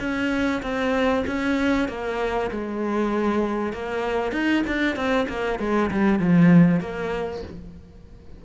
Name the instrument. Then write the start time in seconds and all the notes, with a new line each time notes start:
cello
0.00 C#4
0.63 C4
1.27 C#4
1.89 A#3
2.51 G#3
3.73 A#3
4.32 D#4
4.67 D4
4.96 C4
5.29 A#3
5.60 G#3
5.91 G3
6.19 F3
6.81 A#3